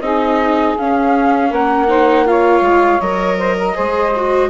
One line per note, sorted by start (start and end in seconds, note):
0.00 0.75 C4
0.00 0.78 D#4
0.00 1.48 G#4
0.00 0.75 D#5
0.78 1.88 C#4
0.78 1.51 C#4
0.78 1.53 F5
1.48 2.61 A#3
1.48 1.86 A#4
1.48 2.27 F#5
1.88 2.25 D#4
1.88 2.26 C5
2.25 3.00 F4
2.25 3.37 C#5
2.25 3.01 F5
2.61 2.98 G#3
3.00 3.75 F#3
3.00 3.74 A#4
3.00 4.50 D#5
3.37 3.56 C5
3.58 3.75 A#4
3.74 4.50 G#3
3.74 4.12 G#4
3.74 4.50 C5
4.16 4.50 F#4